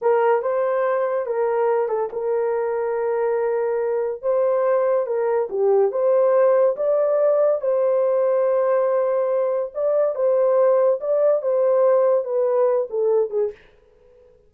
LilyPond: \new Staff \with { instrumentName = "horn" } { \time 4/4 \tempo 4 = 142 ais'4 c''2 ais'4~ | ais'8 a'8 ais'2.~ | ais'2 c''2 | ais'4 g'4 c''2 |
d''2 c''2~ | c''2. d''4 | c''2 d''4 c''4~ | c''4 b'4. a'4 gis'8 | }